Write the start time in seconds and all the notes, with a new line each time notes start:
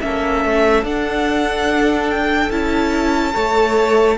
0.00 A#3 C#4 A4 E5
0.45 A3
0.82 D4 F#5
2.10 G5
2.50 C#4 E4 A5
3.33 A3 A4 C#5